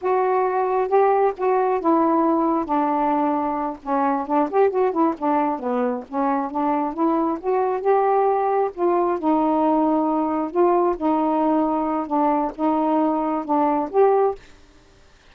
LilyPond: \new Staff \with { instrumentName = "saxophone" } { \time 4/4 \tempo 4 = 134 fis'2 g'4 fis'4 | e'2 d'2~ | d'8 cis'4 d'8 g'8 fis'8 e'8 d'8~ | d'8 b4 cis'4 d'4 e'8~ |
e'8 fis'4 g'2 f'8~ | f'8 dis'2. f'8~ | f'8 dis'2~ dis'8 d'4 | dis'2 d'4 g'4 | }